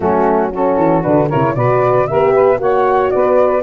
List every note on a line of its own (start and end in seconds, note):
0.00 0.77 F#3
0.00 0.52 A3
0.00 0.52 C#4
0.00 0.51 F#4
0.52 1.02 C#4
0.52 1.28 F#4
0.52 1.02 A4
0.77 1.03 E3
1.02 1.32 D3
1.02 1.29 D4
1.02 1.28 B4
1.28 1.56 C#3
1.28 1.56 E4
1.28 1.54 A#4
1.28 1.55 C#5
1.55 2.08 B2
1.55 2.08 F#4
1.55 2.08 B4
1.55 2.07 D5
2.07 2.59 B3
2.07 2.57 G4
2.07 2.33 A#4
2.07 2.59 E5
2.33 2.59 B4
2.57 3.11 A#3
2.57 3.61 F#4
2.57 3.13 C#5
2.57 3.10 F#5
3.10 3.63 B3
3.10 3.63 B4
3.10 3.62 D5